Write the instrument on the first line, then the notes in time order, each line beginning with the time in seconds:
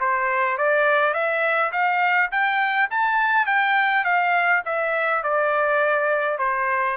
trumpet
0.00 C5
0.58 D5
1.14 E5
1.72 F5
2.31 G5
2.90 A5
3.46 G5
4.05 F5
4.65 E5
5.23 D5
6.39 C5